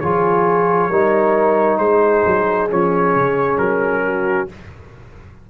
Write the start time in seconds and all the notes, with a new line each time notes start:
0.00 F3 F4 G#4 C#5
0.90 G3 D#4 A#4
1.78 G#3 G#4 C5
2.27 F#3
2.70 F3 C#4 C#5
3.16 C#3
3.58 F#3 A#4
4.05 F#4